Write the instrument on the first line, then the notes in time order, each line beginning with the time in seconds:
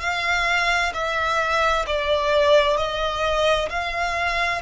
violin
0.00 F5
0.93 E5
1.87 D5
2.77 D#5
3.70 F5